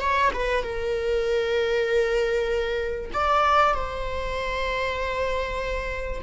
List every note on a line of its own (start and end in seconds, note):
0.00 0.31 C#5
0.33 0.63 B4
0.63 3.11 A#4
3.13 3.74 D5
3.74 6.22 C5